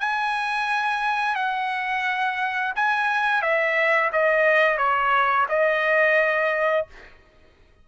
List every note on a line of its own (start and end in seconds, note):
0.00 1.35 G#5
1.35 2.73 F#5
2.76 3.42 G#5
3.42 4.11 E5
4.13 4.78 D#5
4.78 5.47 C#5
5.49 6.87 D#5